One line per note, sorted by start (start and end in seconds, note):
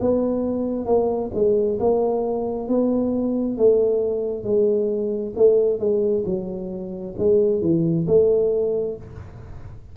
0.00 0.86 B3
0.86 1.31 A#3
1.34 1.79 G#3
1.80 2.68 A#3
2.68 3.58 B3
3.58 4.44 A3
4.44 5.34 G#3
5.36 5.79 A3
5.79 6.24 G#3
6.25 7.15 F#3
7.18 7.62 G#3
7.62 8.06 E3
8.07 8.97 A3